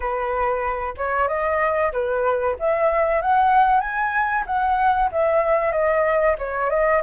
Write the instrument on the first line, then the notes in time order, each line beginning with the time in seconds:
flute
0.00 B4
0.97 C#5
1.28 D#5
1.92 B4
2.59 E5
3.21 F#5
3.80 G#5
4.46 F#5
5.11 E5
5.72 D#5
6.38 C#5
6.70 D#5